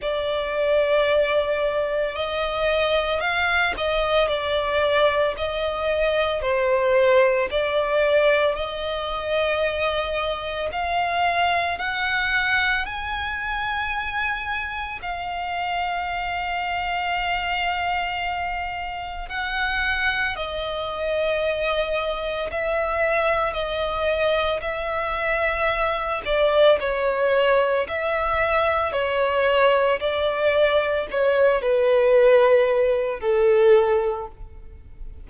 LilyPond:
\new Staff \with { instrumentName = "violin" } { \time 4/4 \tempo 4 = 56 d''2 dis''4 f''8 dis''8 | d''4 dis''4 c''4 d''4 | dis''2 f''4 fis''4 | gis''2 f''2~ |
f''2 fis''4 dis''4~ | dis''4 e''4 dis''4 e''4~ | e''8 d''8 cis''4 e''4 cis''4 | d''4 cis''8 b'4. a'4 | }